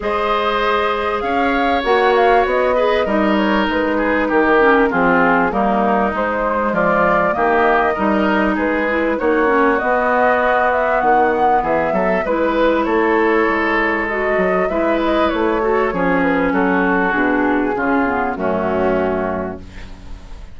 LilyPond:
<<
  \new Staff \with { instrumentName = "flute" } { \time 4/4 \tempo 4 = 98 dis''2 f''4 fis''8 f''8 | dis''4. cis''8 b'4 ais'4 | gis'4 ais'4 c''4 d''4 | dis''2 b'4 cis''4 |
dis''4. e''8 fis''4 e''4 | b'4 cis''2 dis''4 | e''8 dis''8 cis''4. b'8 a'4 | gis'2 fis'2 | }
  \new Staff \with { instrumentName = "oboe" } { \time 4/4 c''2 cis''2~ | cis''8 b'8 ais'4. gis'8 g'4 | f'4 dis'2 f'4 | g'4 ais'4 gis'4 fis'4~ |
fis'2. gis'8 a'8 | b'4 a'2. | b'4. a'8 gis'4 fis'4~ | fis'4 f'4 cis'2 | }
  \new Staff \with { instrumentName = "clarinet" } { \time 4/4 gis'2. fis'4~ | fis'8 gis'8 dis'2~ dis'8 cis'8 | c'4 ais4 gis2 | ais4 dis'4. e'8 dis'8 cis'8 |
b1 | e'2. fis'4 | e'4. fis'8 cis'2 | d'4 cis'8 b8 a2 | }
  \new Staff \with { instrumentName = "bassoon" } { \time 4/4 gis2 cis'4 ais4 | b4 g4 gis4 dis4 | f4 g4 gis4 f4 | dis4 g4 gis4 ais4 |
b2 dis4 e8 fis8 | gis4 a4 gis4. fis8 | gis4 a4 f4 fis4 | b,4 cis4 fis,2 | }
>>